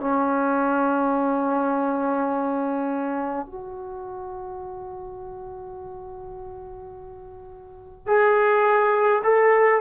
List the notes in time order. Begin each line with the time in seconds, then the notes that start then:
0.00 C#4
3.46 F#4
8.07 G#4
9.24 A4